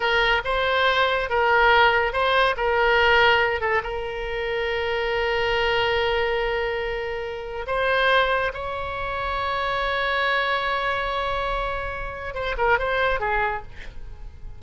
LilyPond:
\new Staff \with { instrumentName = "oboe" } { \time 4/4 \tempo 4 = 141 ais'4 c''2 ais'4~ | ais'4 c''4 ais'2~ | ais'8 a'8 ais'2.~ | ais'1~ |
ais'2 c''2 | cis''1~ | cis''1~ | cis''4 c''8 ais'8 c''4 gis'4 | }